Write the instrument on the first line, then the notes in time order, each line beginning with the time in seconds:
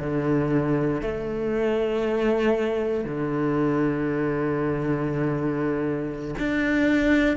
cello
0.00 D3
1.02 A3
3.05 D3
6.39 D4